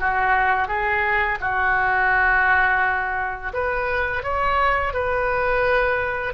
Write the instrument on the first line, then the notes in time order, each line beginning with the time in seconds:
oboe
0.00 F#4
0.68 G#4
1.41 F#4
3.54 B4
4.23 C#5
4.93 B4